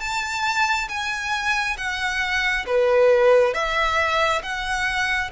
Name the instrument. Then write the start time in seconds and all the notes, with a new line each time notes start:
violin
0.00 A5
0.88 G#5
1.77 F#5
2.66 B4
3.53 E5
4.42 F#5